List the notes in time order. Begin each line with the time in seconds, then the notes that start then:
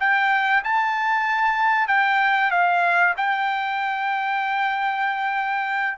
0.00 G5
0.64 A5
1.88 G5
2.51 F5
3.17 G5